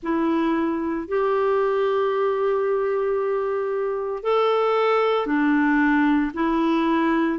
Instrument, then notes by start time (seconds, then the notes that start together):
clarinet
0.02 E4
1.08 G4
4.23 A4
5.26 D4
6.34 E4